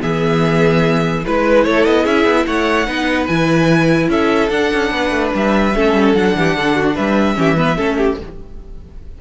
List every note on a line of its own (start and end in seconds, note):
0.00 1.24 E3
0.00 1.22 B3
0.00 1.24 G#4
0.00 1.25 E5
1.24 1.66 G#3
1.24 2.87 E4
1.24 1.65 B4
1.24 1.64 B4
1.64 1.85 A3
1.64 2.03 A4
1.64 1.84 C#5
1.85 2.06 B3
1.85 2.05 D#5
2.03 2.25 C#4
2.03 2.44 G#4
2.03 2.46 E5
2.25 2.45 B3
2.47 2.87 A3
2.47 2.87 C#5
2.47 3.27 F#5
2.87 3.28 B3
2.87 3.27 D#4
2.87 4.10 B4
3.27 4.08 E3
3.27 4.49 E4
3.27 4.08 G#5
4.08 4.49 C#4
4.08 4.92 A4
4.08 4.49 E5
4.49 5.72 D4
4.49 4.70 D4
4.49 5.31 F#5
4.73 4.90 C#4
4.90 5.10 B3
4.90 5.76 B4
5.10 5.31 A3
5.34 5.75 G3
5.34 6.14 E5
5.75 5.93 A3
5.75 6.15 C#4
5.75 6.37 A4
5.93 6.13 G3
6.14 6.34 F#3
6.14 7.34 D4
6.14 6.96 F#5
6.35 6.55 E3
6.35 6.57 G4
6.55 6.96 D3
6.55 6.75 A4
6.75 6.94 F#4
6.94 7.37 G3
6.94 7.35 B4
6.94 8.18 E5
7.34 7.77 E3
7.34 7.55 C#4
7.34 7.57 G4
7.56 7.77 B3
7.56 7.77 B4
7.77 8.21 A3
7.77 8.18 C#4
7.77 7.97 A4
7.97 8.18 G4